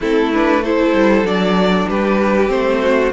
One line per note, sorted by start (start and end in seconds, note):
0.00 0.93 A3
0.00 0.32 C4
0.00 0.62 E4
0.00 0.32 A4
0.32 0.64 D4
0.32 0.64 B4
0.62 1.25 E4
0.62 1.88 A4
0.62 1.26 C5
0.93 1.23 G3
1.23 1.85 F#3
1.23 2.47 D4
1.23 1.89 D5
1.89 2.50 G3
1.89 2.81 G4
1.89 2.50 B4
2.47 3.12 A3
2.47 3.09 C4
2.47 3.12 C5
2.81 3.12 F#4